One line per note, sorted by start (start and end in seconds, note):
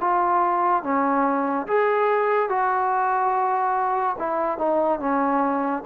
0.00 0.83 F4
0.83 1.66 C#4
1.67 2.49 G#4
2.49 4.16 F#4
4.18 4.58 E4
4.58 4.99 D#4
4.99 5.83 C#4